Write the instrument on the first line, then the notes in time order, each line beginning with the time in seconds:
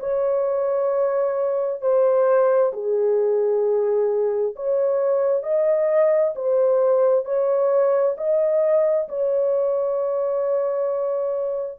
horn
0.00 C#5
1.82 C5
2.74 G#4
4.56 C#5
5.43 D#5
6.36 C5
7.25 C#5
8.18 D#5
9.09 C#5